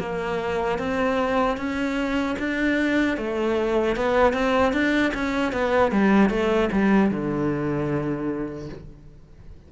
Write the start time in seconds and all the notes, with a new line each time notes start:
0.00 A#3
0.79 C4
1.58 C#4
2.39 D4
3.18 A3
3.97 B3
4.33 C4
4.73 D4
5.15 C#4
5.53 B3
5.92 G3
6.30 A3
6.72 G3
7.11 D3